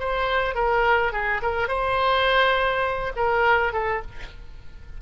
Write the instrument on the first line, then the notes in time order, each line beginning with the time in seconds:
oboe
0.00 C5
0.55 A#4
1.13 G#4
1.43 A#4
1.69 C5
3.17 A#4
3.73 A4